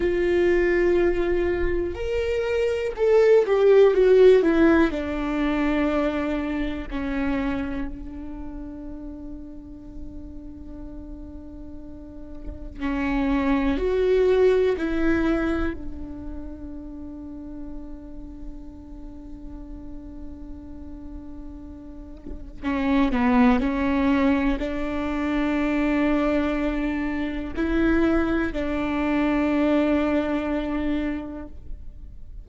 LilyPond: \new Staff \with { instrumentName = "viola" } { \time 4/4 \tempo 4 = 61 f'2 ais'4 a'8 g'8 | fis'8 e'8 d'2 cis'4 | d'1~ | d'4 cis'4 fis'4 e'4 |
d'1~ | d'2. cis'8 b8 | cis'4 d'2. | e'4 d'2. | }